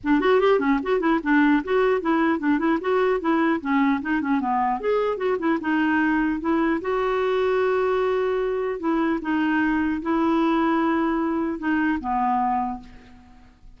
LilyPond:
\new Staff \with { instrumentName = "clarinet" } { \time 4/4 \tempo 4 = 150 d'8 fis'8 g'8 cis'8 fis'8 e'8 d'4 | fis'4 e'4 d'8 e'8 fis'4 | e'4 cis'4 dis'8 cis'8 b4 | gis'4 fis'8 e'8 dis'2 |
e'4 fis'2.~ | fis'2 e'4 dis'4~ | dis'4 e'2.~ | e'4 dis'4 b2 | }